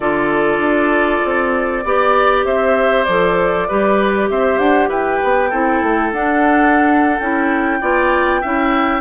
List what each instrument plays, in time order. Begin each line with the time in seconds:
0.00 bassoon D3, clarinet F4, oboe A4, flute D5
0.58 bassoon D4
1.24 bassoon C4
1.84 bassoon B3, clarinet G4, oboe D5
2.45 bassoon C4, oboe C5, flute E5
3.04 bassoon F3, clarinet A4, flute D5
3.68 bassoon G3, clarinet G4, oboe B4
4.30 bassoon C4, oboe C5, flute E5
4.58 bassoon D4, flute F#5
4.88 bassoon E4, oboe B4, flute G5
5.23 bassoon B3
5.49 bassoon C4, clarinet E4, oboe A4
5.83 bassoon A3
6.12 bassoon D4, clarinet D4, flute F#5
7.19 bassoon C#4, clarinet E4, flute G5
7.80 bassoon B3, clarinet F4, oboe D5
8.41 bassoon C#4, clarinet E4, oboe E5